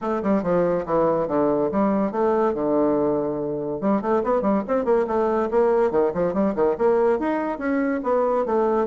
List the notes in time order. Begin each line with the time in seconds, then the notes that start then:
0.01 A3
0.22 G3
0.42 F3
0.85 E3
1.27 D3
1.71 G3
2.11 A3
2.54 D3
3.80 G3
4.01 A3
4.23 B3
4.41 G3
4.67 C4
4.84 A#3
5.07 A3
5.50 A#3
5.91 D#3
6.13 F3
6.33 G3
6.55 D#3
6.77 A#3
7.19 D#4
7.58 C#4
8.03 B3
8.45 A3